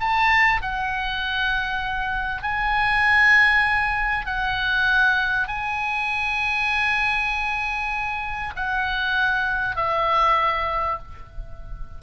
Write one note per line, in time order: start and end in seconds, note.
0.00 0.61 A5
0.62 2.43 F#5
2.43 4.26 G#5
4.26 5.48 F#5
5.48 8.54 G#5
8.56 9.76 F#5
9.76 10.99 E5